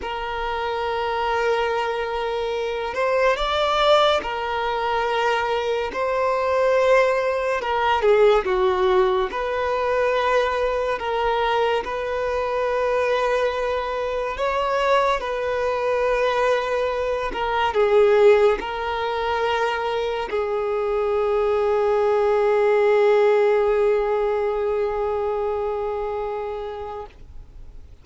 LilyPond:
\new Staff \with { instrumentName = "violin" } { \time 4/4 \tempo 4 = 71 ais'2.~ ais'8 c''8 | d''4 ais'2 c''4~ | c''4 ais'8 gis'8 fis'4 b'4~ | b'4 ais'4 b'2~ |
b'4 cis''4 b'2~ | b'8 ais'8 gis'4 ais'2 | gis'1~ | gis'1 | }